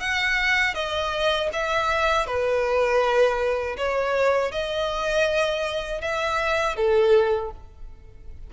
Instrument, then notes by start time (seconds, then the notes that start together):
violin
0.00 F#5
0.75 D#5
1.53 E5
2.26 B4
3.77 C#5
4.52 D#5
6.01 E5
6.76 A4